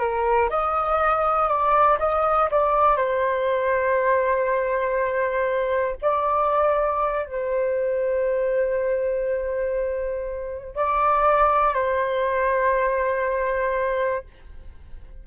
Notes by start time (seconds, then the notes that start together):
0.00 A#4
0.50 D#5
1.49 D5
2.00 D#5
2.51 D5
2.97 C5
6.02 D5
7.26 C5
10.76 D5
11.75 C5